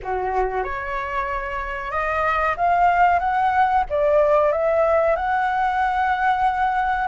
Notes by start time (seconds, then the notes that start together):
0.02 F#4
0.63 C#5
1.91 D#5
2.56 F5
3.19 F#5
3.89 D5
4.52 E5
5.16 F#5